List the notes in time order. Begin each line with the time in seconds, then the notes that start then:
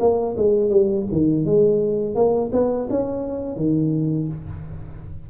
0.00 A#3
0.38 G#3
0.70 G3
1.12 D#3
1.46 G#3
2.15 A#3
2.53 B3
2.90 C#4
3.57 D#3